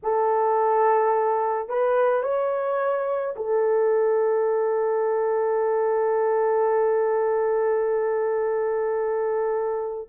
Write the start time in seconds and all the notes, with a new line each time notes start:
0.03 A4
1.68 B4
2.23 C#5
3.35 A4